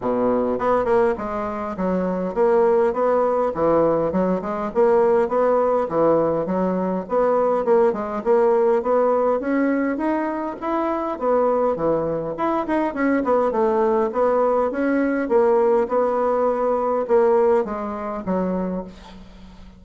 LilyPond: \new Staff \with { instrumentName = "bassoon" } { \time 4/4 \tempo 4 = 102 b,4 b8 ais8 gis4 fis4 | ais4 b4 e4 fis8 gis8 | ais4 b4 e4 fis4 | b4 ais8 gis8 ais4 b4 |
cis'4 dis'4 e'4 b4 | e4 e'8 dis'8 cis'8 b8 a4 | b4 cis'4 ais4 b4~ | b4 ais4 gis4 fis4 | }